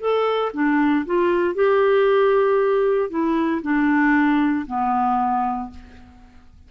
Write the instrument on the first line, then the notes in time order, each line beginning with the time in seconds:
clarinet
0.00 A4
0.53 D4
1.06 F4
1.55 G4
3.10 E4
3.62 D4
4.66 B3